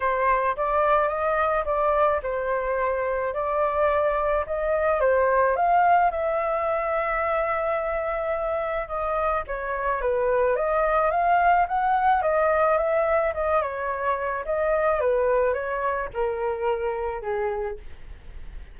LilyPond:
\new Staff \with { instrumentName = "flute" } { \time 4/4 \tempo 4 = 108 c''4 d''4 dis''4 d''4 | c''2 d''2 | dis''4 c''4 f''4 e''4~ | e''1 |
dis''4 cis''4 b'4 dis''4 | f''4 fis''4 dis''4 e''4 | dis''8 cis''4. dis''4 b'4 | cis''4 ais'2 gis'4 | }